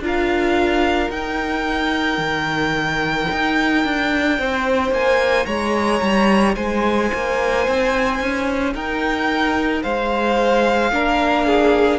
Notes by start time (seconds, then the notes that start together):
0.00 D4 F4 A#4
0.06 F5
1.10 D#4 G5
2.18 D#3
3.32 D#4
3.85 D4
4.39 C4 C5
4.92 A#3 G#5
5.46 G#3 C#5 A#5
6.02 G3
6.56 G#3 C5 G#5
7.14 A#3
7.68 C4
8.20 C#4
8.74 D#4 A#4 G5
9.83 G#3 C5 F5
10.92 A#3 D4 A#4
11.47 G#4